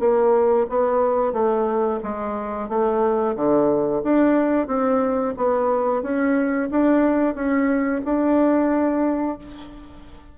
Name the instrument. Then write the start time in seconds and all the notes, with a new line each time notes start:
bassoon
0.00 A#3
0.69 B3
1.33 A3
2.03 G#3
2.69 A3
3.36 D3
4.04 D4
4.68 C4
5.37 B3
6.03 C#4
6.71 D4
7.35 C#4
8.05 D4